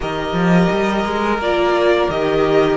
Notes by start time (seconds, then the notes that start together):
0.00 D#3 G4 A#4 D#5
0.32 F3
0.71 G3
1.04 G#3
1.38 A#3 F4 D5
2.09 D#3 G4 D#5